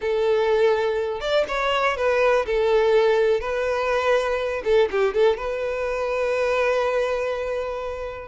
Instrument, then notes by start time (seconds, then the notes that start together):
violin
0.01 A4
1.20 D5
1.47 C#5
1.96 B4
2.46 A4
3.40 B4
4.64 A4
4.91 G4
5.14 A4
5.37 B4